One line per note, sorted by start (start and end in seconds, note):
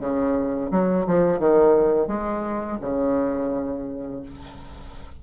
0.00 0.71 C#3
0.71 1.06 F#3
1.07 1.39 F3
1.39 2.07 D#3
2.07 2.78 G#3
2.81 4.22 C#3